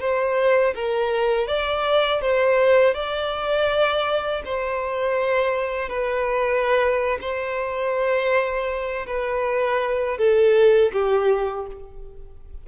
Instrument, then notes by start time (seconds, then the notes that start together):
violin
0.00 C5
0.75 A#4
1.47 D5
2.21 C5
2.94 D5
4.45 C5
5.89 B4
7.21 C5
9.06 B4
10.18 A4
10.92 G4